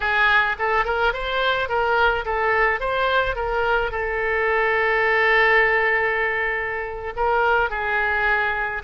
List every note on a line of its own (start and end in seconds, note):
0.00 0.56 G#4
0.59 0.85 A4
0.85 1.13 A#4
1.13 1.68 C5
1.68 2.25 A#4
2.25 2.80 A4
2.80 3.35 C5
3.35 3.91 A#4
3.91 7.13 A4
7.16 7.70 A#4
7.70 8.82 G#4